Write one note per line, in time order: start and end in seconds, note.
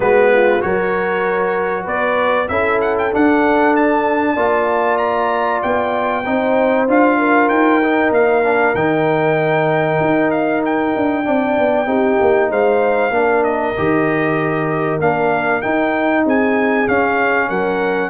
0.00 0.60 G#3
0.00 0.60 B3
0.00 0.32 F#4
0.00 0.61 B4
0.33 0.64 F4
0.60 1.86 F#3
0.60 2.48 F#4
0.60 1.84 A#4
0.60 1.86 C#5
1.84 2.49 B3
1.84 2.46 B4
1.84 2.48 D5
2.48 3.12 C#4
2.48 3.11 E4
2.48 4.34 A4
2.48 2.79 E5
2.81 2.97 F#5
2.98 3.14 G5
3.11 4.36 D4
3.11 3.76 F#5
3.76 4.97 A5
4.34 5.61 A#3
4.34 6.23 F4
4.34 6.21 D5
4.97 5.60 A#5
5.62 6.26 B3
5.62 6.87 G5
6.25 6.88 C4
6.25 6.88 D#4
6.25 7.18 C5
6.88 7.49 D4
6.88 7.81 F4
6.88 7.49 F5
7.18 11.24 A#4
7.49 8.11 D#4
7.49 8.11 G5
7.83 8.43 D#4
8.11 8.73 A#3
8.11 8.75 F5
8.43 8.74 D4
8.74 9.99 D#3
8.74 11.24 D#4
8.74 10.30 G5
10.00 10.94 D#4
10.30 10.62 F5
10.65 12.51 G5
10.95 11.27 D4
11.24 11.58 C4
11.24 11.86 D4
11.24 11.87 D5
11.58 11.86 B3
11.86 12.17 C4
11.86 13.11 D#4
11.86 12.50 G4
12.21 12.50 A#3
12.50 13.10 G#3
12.50 13.12 C5
12.50 13.43 F5
13.10 13.72 A#3
13.10 13.74 D4
13.10 16.24 A#4
13.43 14.99 D#5
13.77 14.99 D#3
13.77 15.00 G4
14.99 15.62 A#3
14.99 15.62 D4
14.99 15.61 F5
15.61 16.87 D#4
15.61 16.25 D#4
15.61 16.24 G5
16.24 16.87 C4
16.24 17.48 G#4
16.24 16.88 G#5
16.87 18.10 C#4
16.87 17.49 C#4
16.87 17.49 F5
17.48 18.10 F#3
17.48 18.10 A#4
17.48 18.10 F#5